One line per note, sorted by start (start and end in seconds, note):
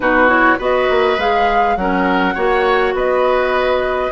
0.00 0.57 B2
0.00 0.28 D#4
0.00 0.58 F#4
0.00 0.29 B4
0.28 0.57 E4
0.28 0.58 C#5
0.58 0.88 B3
0.58 1.18 F#4
0.58 1.76 B4
0.58 1.19 D#5
0.89 1.17 A#3
1.17 1.76 G#3
1.17 1.77 G#4
1.17 1.76 F5
1.76 2.35 F#3
1.76 2.35 C#4
1.76 2.34 A#4
1.76 2.94 F#5
2.34 2.93 A#3
2.34 4.11 F#4
2.34 2.93 C#5
2.93 4.11 B3
2.93 4.11 B4
2.93 4.11 D#5